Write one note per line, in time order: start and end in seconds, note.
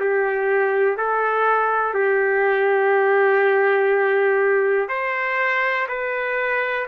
0.00 0.97 G4
0.97 1.94 A4
1.94 4.89 G4
4.89 5.87 C5
5.88 6.87 B4